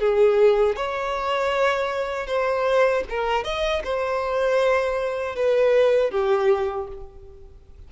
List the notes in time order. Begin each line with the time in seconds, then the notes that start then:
0.00 G#4
0.76 C#5
2.27 C5
3.10 A#4
3.44 D#5
3.84 C5
5.36 B4
6.11 G4